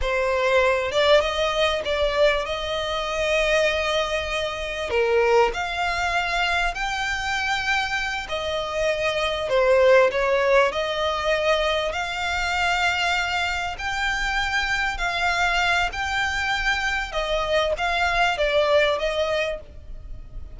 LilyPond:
\new Staff \with { instrumentName = "violin" } { \time 4/4 \tempo 4 = 98 c''4. d''8 dis''4 d''4 | dis''1 | ais'4 f''2 g''4~ | g''4. dis''2 c''8~ |
c''8 cis''4 dis''2 f''8~ | f''2~ f''8 g''4.~ | g''8 f''4. g''2 | dis''4 f''4 d''4 dis''4 | }